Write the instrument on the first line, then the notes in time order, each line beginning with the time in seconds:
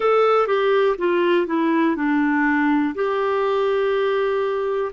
clarinet
0.00 A4
0.47 G4
0.97 F4
1.46 E4
1.96 D4
2.95 G4